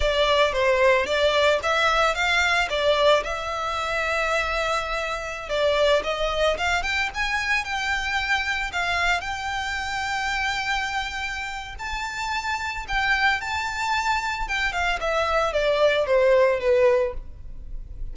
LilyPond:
\new Staff \with { instrumentName = "violin" } { \time 4/4 \tempo 4 = 112 d''4 c''4 d''4 e''4 | f''4 d''4 e''2~ | e''2~ e''16 d''4 dis''8.~ | dis''16 f''8 g''8 gis''4 g''4.~ g''16~ |
g''16 f''4 g''2~ g''8.~ | g''2 a''2 | g''4 a''2 g''8 f''8 | e''4 d''4 c''4 b'4 | }